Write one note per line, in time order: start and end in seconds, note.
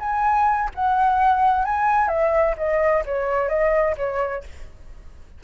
0.00 0.70 G#5
0.75 1.65 F#5
1.65 2.08 G#5
2.08 2.55 E5
2.58 3.04 D#5
3.06 3.49 C#5
3.49 3.96 D#5
3.98 4.44 C#5